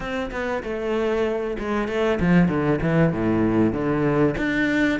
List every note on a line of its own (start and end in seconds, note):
0.00 0.30 C4
0.31 0.62 B3
0.63 1.57 A3
1.58 1.88 G#3
1.88 2.19 A3
2.19 2.48 F3
2.48 2.80 D3
2.81 3.12 E3
3.12 3.72 A2
3.72 4.35 D3
4.37 4.99 D4